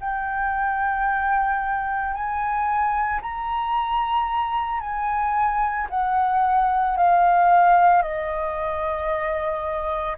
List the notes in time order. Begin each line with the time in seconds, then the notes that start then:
0.00 G5
2.13 G#5
3.21 A#5
4.80 G#5
5.89 F#5
6.97 F5
8.02 D#5